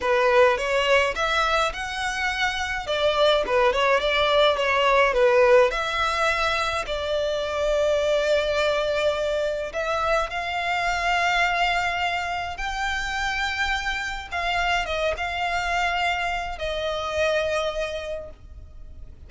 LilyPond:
\new Staff \with { instrumentName = "violin" } { \time 4/4 \tempo 4 = 105 b'4 cis''4 e''4 fis''4~ | fis''4 d''4 b'8 cis''8 d''4 | cis''4 b'4 e''2 | d''1~ |
d''4 e''4 f''2~ | f''2 g''2~ | g''4 f''4 dis''8 f''4.~ | f''4 dis''2. | }